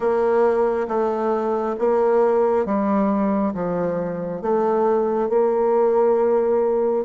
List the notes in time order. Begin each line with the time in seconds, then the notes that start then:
0.00 A#3
0.87 A3
1.78 A#3
2.65 G3
3.53 F3
4.41 A3
5.29 A#3